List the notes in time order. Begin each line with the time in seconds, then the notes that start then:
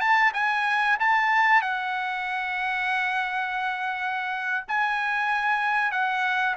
0.00 A5
0.34 G#5
1.00 A5
1.61 F#5
4.68 G#5
5.92 F#5